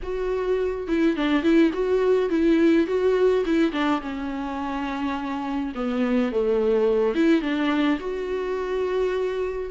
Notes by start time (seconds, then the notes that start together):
0.02 F#4
0.87 E4
1.16 D4
1.42 E4
1.73 F#4
2.29 E4
2.86 F#4
3.45 E4
3.72 D4
4.01 C#4
5.74 B3
6.31 A3
7.14 E4
7.41 D4
7.99 F#4